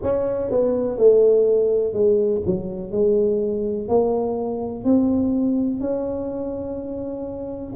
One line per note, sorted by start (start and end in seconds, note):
0.02 0.50 C#4
0.50 0.97 B3
0.97 1.93 A3
1.93 2.41 G#3
2.45 2.91 F#3
2.91 3.88 G#3
3.88 4.84 A#3
4.84 5.80 C4
5.80 7.74 C#4